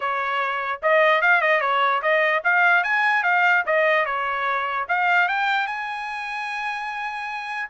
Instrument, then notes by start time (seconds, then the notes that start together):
trumpet
0.00 C#5
0.82 D#5
1.21 F5
1.41 D#5
1.61 C#5
2.02 D#5
2.43 F5
2.83 G#5
3.23 F5
3.66 D#5
4.05 C#5
4.88 F5
5.28 G5
5.66 G#5